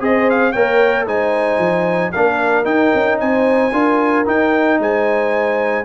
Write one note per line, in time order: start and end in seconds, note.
0.00 0.54 C4
0.00 0.53 G#4
0.00 0.52 C5
0.00 0.30 D#5
0.30 0.52 F5
0.52 1.07 A#3
0.52 1.07 A#4
0.52 1.05 C#5
0.52 1.06 G5
1.07 1.58 G#3
1.07 2.13 D#4
1.07 2.13 C5
1.07 2.12 G#5
1.58 2.12 F3
2.12 2.65 A#3
2.12 2.65 D4
2.12 3.21 A#4
2.12 2.65 F5
2.65 3.71 D#4
2.65 2.92 D#4
2.65 3.18 G5
2.94 3.21 C#4
3.20 3.73 C4
3.20 3.73 C5
3.20 4.26 G#5
3.73 4.26 D4
3.73 4.26 F4
3.73 4.79 A#4
4.26 5.85 D#4
4.26 4.79 D#4
4.26 4.81 G5
4.79 5.85 G#3
4.79 5.85 C5
4.79 5.85 G#5